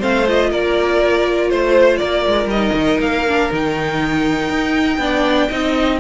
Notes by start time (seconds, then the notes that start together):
0.00 A3 C4 C5 F5
0.27 F4 D#5
0.50 A#3 A#4 D5
1.50 A3 C5
1.97 A#3 A#4 D5
2.27 G#3
2.46 G3 D#5
2.52 D#4
2.73 D#3
2.99 A#3 F5
3.28 D4
3.50 D#3 D#4 G5
4.49 D#4
4.98 B3 D4 D5
5.49 C4 D#4 D#5